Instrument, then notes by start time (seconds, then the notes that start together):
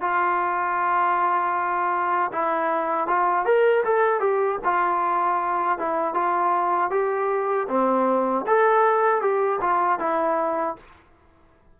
trombone
0.00 F4
2.32 E4
3.07 F4
3.45 A#4
3.84 A4
4.20 G4
4.64 F4
5.78 E4
6.14 F4
6.90 G4
7.68 C4
8.46 A4
9.21 G4
9.60 F4
9.99 E4